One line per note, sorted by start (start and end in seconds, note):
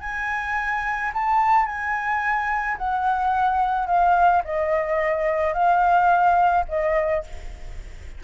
0.00 1.11 G#5
1.13 1.66 A5
1.66 2.77 G#5
2.78 3.87 F#5
3.87 4.42 F5
4.44 5.53 D#5
5.53 6.64 F5
6.68 7.23 D#5